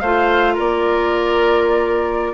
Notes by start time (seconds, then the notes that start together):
0.00 A3 F4 C5 F5
0.54 A#3 A#4 D5